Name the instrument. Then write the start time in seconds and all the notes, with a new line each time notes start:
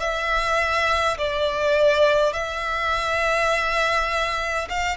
violin
0.00 E5
1.18 D5
2.33 E5
4.70 F5